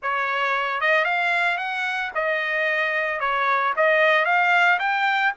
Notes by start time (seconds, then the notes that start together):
0.02 C#5
0.81 D#5
1.04 F5
1.57 F#5
2.14 D#5
3.20 C#5
3.76 D#5
4.25 F5
4.79 G5